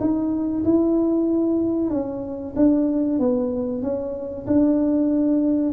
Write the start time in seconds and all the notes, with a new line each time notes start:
0.00 D#4
0.64 E4
1.90 C#4
2.56 D4
3.19 B3
3.82 C#4
4.47 D4